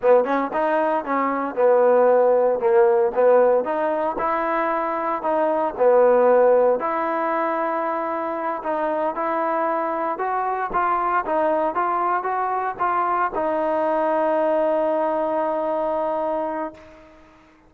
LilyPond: \new Staff \with { instrumentName = "trombone" } { \time 4/4 \tempo 4 = 115 b8 cis'8 dis'4 cis'4 b4~ | b4 ais4 b4 dis'4 | e'2 dis'4 b4~ | b4 e'2.~ |
e'8 dis'4 e'2 fis'8~ | fis'8 f'4 dis'4 f'4 fis'8~ | fis'8 f'4 dis'2~ dis'8~ | dis'1 | }